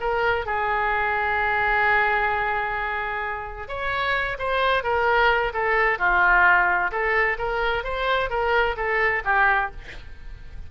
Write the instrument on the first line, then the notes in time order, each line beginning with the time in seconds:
oboe
0.00 A#4
0.46 G#4
3.68 C#5
4.38 C5
4.83 A#4
5.53 A4
5.98 F4
6.91 A4
7.38 A#4
7.83 C5
8.30 A#4
8.76 A4
9.24 G4